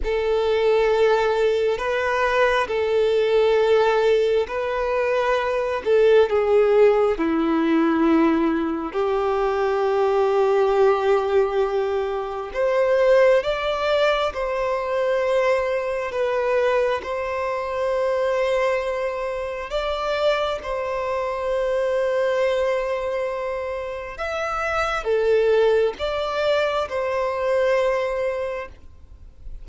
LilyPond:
\new Staff \with { instrumentName = "violin" } { \time 4/4 \tempo 4 = 67 a'2 b'4 a'4~ | a'4 b'4. a'8 gis'4 | e'2 g'2~ | g'2 c''4 d''4 |
c''2 b'4 c''4~ | c''2 d''4 c''4~ | c''2. e''4 | a'4 d''4 c''2 | }